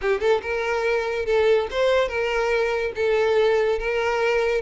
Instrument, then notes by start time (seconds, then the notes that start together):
violin
0.01 G4
0.20 A4
0.42 A#4
1.25 A4
1.70 C5
2.08 A#4
2.95 A4
3.79 A#4